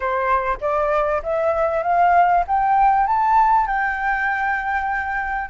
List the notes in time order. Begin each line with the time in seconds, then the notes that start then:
0.00 C5
0.60 D5
1.22 E5
1.83 F5
2.47 G5
3.06 A5
3.67 G5